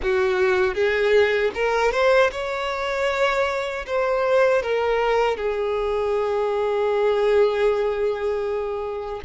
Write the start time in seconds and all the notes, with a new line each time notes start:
0.02 F#4
0.74 G#4
1.54 A#4
1.91 C5
2.31 C#5
3.86 C5
4.62 A#4
5.36 G#4